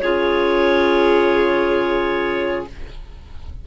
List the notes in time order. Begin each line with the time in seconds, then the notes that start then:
0.00 C#3 F4 G#4 C#5